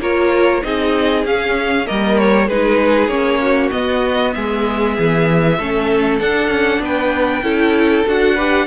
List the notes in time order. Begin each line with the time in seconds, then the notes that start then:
0.00 A#3 F4 A#4 C#5
0.63 C4 D#4 G#4 D#5
1.24 C#4 F5
1.86 G3 A#3 A#4 D#5
2.18 C#5
2.48 G#3 D#4 G#4 B4
3.08 A#3 C#4 C#5
3.41 F#4
3.71 B3 D#5
4.33 G#3 G#4 E5
4.98 E3
5.58 A3 C#4 A4
6.20 D4 F#5
6.48 C#4
6.80 B3 B4 G5
7.42 C#4 E4 A4
8.07 D4 F#4 F#5
8.35 G4 B4